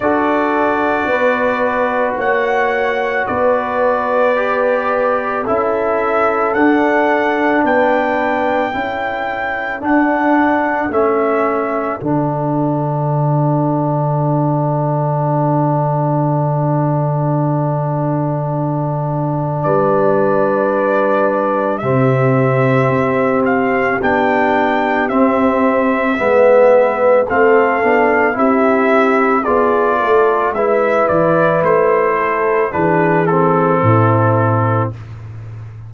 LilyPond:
<<
  \new Staff \with { instrumentName = "trumpet" } { \time 4/4 \tempo 4 = 55 d''2 fis''4 d''4~ | d''4 e''4 fis''4 g''4~ | g''4 fis''4 e''4 fis''4~ | fis''1~ |
fis''2 d''2 | e''4. f''8 g''4 e''4~ | e''4 f''4 e''4 d''4 | e''8 d''8 c''4 b'8 a'4. | }
  \new Staff \with { instrumentName = "horn" } { \time 4/4 a'4 b'4 cis''4 b'4~ | b'4 a'2 b'4 | a'1~ | a'1~ |
a'2 b'2 | g'1 | b'4 a'4 g'4 gis'8 a'8 | b'4. a'8 gis'4 e'4 | }
  \new Staff \with { instrumentName = "trombone" } { \time 4/4 fis'1 | g'4 e'4 d'2 | e'4 d'4 cis'4 d'4~ | d'1~ |
d'1 | c'2 d'4 c'4 | b4 c'8 d'8 e'4 f'4 | e'2 d'8 c'4. | }
  \new Staff \with { instrumentName = "tuba" } { \time 4/4 d'4 b4 ais4 b4~ | b4 cis'4 d'4 b4 | cis'4 d'4 a4 d4~ | d1~ |
d2 g2 | c4 c'4 b4 c'4 | gis4 a8 b8 c'4 b8 a8 | gis8 e8 a4 e4 a,4 | }
>>